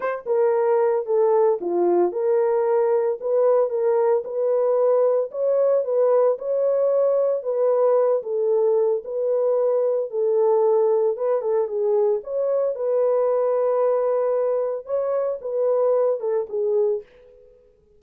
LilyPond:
\new Staff \with { instrumentName = "horn" } { \time 4/4 \tempo 4 = 113 c''8 ais'4. a'4 f'4 | ais'2 b'4 ais'4 | b'2 cis''4 b'4 | cis''2 b'4. a'8~ |
a'4 b'2 a'4~ | a'4 b'8 a'8 gis'4 cis''4 | b'1 | cis''4 b'4. a'8 gis'4 | }